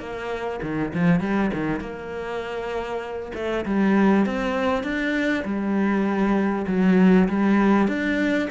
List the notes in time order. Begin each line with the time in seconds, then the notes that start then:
0.00 A#3
0.63 D#3
0.94 F3
1.20 G3
1.54 D#3
1.80 A#3
3.35 A3
3.66 G3
4.26 C4
4.83 D4
5.45 G3
6.68 F#3
7.29 G3
7.88 D4